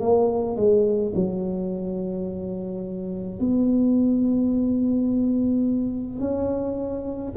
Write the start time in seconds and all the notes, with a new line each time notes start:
0.00 A#3
0.57 G#3
1.15 F#3
3.40 B3
6.20 C#4